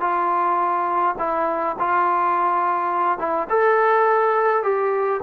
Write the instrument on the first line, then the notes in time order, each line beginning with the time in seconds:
trombone
0.00 F4
1.19 E4
1.79 F4
3.19 E4
3.49 A4
4.63 G4